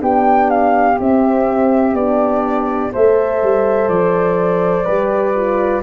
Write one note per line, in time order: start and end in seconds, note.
0.00 0.98 B3
0.00 0.97 D4
0.00 2.93 G4
0.00 0.50 G5
0.50 0.99 F5
1.00 1.94 C4
1.00 1.96 C4
1.00 1.95 E5
1.94 2.91 B3
1.94 2.92 D4
1.94 2.92 D5
2.92 3.43 A3
2.92 4.85 A4
2.92 4.85 C5
2.92 3.88 E5
3.43 3.89 G3
3.88 4.85 F3
3.88 5.82 D5
4.85 5.83 G3
4.85 5.34 G4
4.85 5.82 B4
5.35 5.83 F4